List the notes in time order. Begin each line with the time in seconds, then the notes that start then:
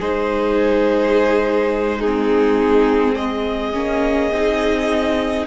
0.00 G#3 D#4 G#4 C5
2.00 D#4 G#4
2.06 C4
3.16 G#4 D#5
3.74 A#3 C#4
4.32 C4 D#4